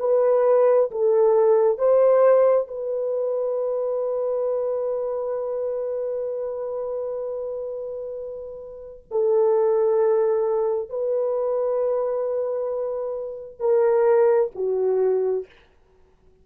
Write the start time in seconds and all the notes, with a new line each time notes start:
0.00 B4
0.91 A4
1.79 C5
2.68 B4
9.11 A4
10.90 B4
13.60 A#4
14.55 F#4